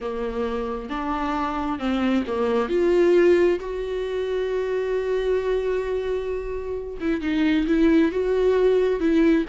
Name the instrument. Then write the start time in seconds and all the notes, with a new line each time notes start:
viola
0.00 A#3
0.89 D4
1.79 C4
2.27 A#3
2.68 F4
3.59 F#4
7.00 E4
7.21 D#4
7.66 E4
8.11 F#4
9.00 E4